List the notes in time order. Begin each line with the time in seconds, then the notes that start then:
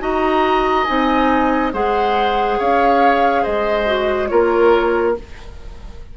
0.00 D#4 F#4 D#5 A#5
0.84 C4 D#4 G#5
1.73 G#3 G#4 C5 F#5
2.59 C#4 C#5 F5
3.43 G#3 C5 D#5
3.86 F#4
4.28 A#3 F4 A#4 C#5